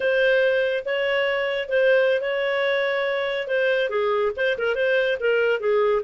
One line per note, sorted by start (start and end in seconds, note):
0.00 0.84 C5
0.85 1.68 C#5
1.68 2.21 C5
2.21 3.47 C#5
3.47 3.89 C5
3.89 4.32 G#4
4.36 4.57 C5
4.57 4.75 A#4
4.75 5.17 C5
5.20 5.59 A#4
5.59 6.02 G#4